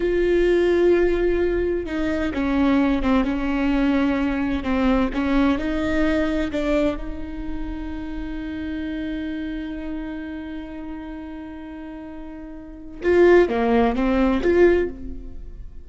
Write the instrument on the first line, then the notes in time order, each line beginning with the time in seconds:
viola
0.00 F4
1.85 D#4
2.33 C#4
3.02 C4
3.24 C#4
4.63 C4
5.13 C#4
5.58 D#4
6.51 D4
6.96 D#4
13.02 F4
13.48 A#3
13.95 C4
14.42 F4